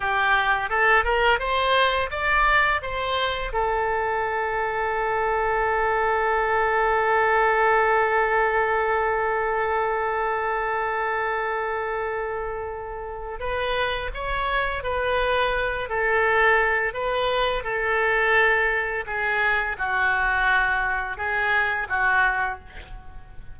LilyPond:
\new Staff \with { instrumentName = "oboe" } { \time 4/4 \tempo 4 = 85 g'4 a'8 ais'8 c''4 d''4 | c''4 a'2.~ | a'1~ | a'1~ |
a'2. b'4 | cis''4 b'4. a'4. | b'4 a'2 gis'4 | fis'2 gis'4 fis'4 | }